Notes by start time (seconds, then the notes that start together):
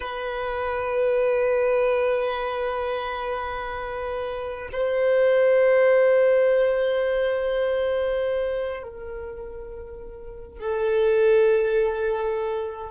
0.00 B4
4.72 C5
8.82 A#4
10.59 A4